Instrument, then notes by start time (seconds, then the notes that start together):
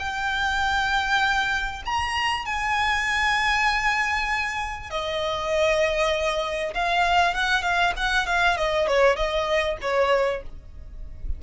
violin
0.00 G5
1.86 A#5
2.46 G#5
4.91 D#5
6.75 F5
7.35 F#5
7.63 F5
7.97 F#5
8.27 F5
8.58 D#5
8.88 C#5
9.17 D#5
9.82 C#5